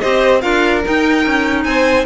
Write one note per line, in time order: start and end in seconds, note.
0.00 0.44 C4
0.00 0.41 G4
0.00 0.42 C5
0.00 0.41 D#5
0.41 0.85 D4
0.41 0.82 F4
0.41 1.64 A#4
0.41 0.82 F5
0.84 2.06 D#4
0.84 1.26 D#4
0.84 1.64 G5
1.26 1.65 C#4
1.64 2.06 C4
1.64 2.06 C5
1.64 2.05 G#5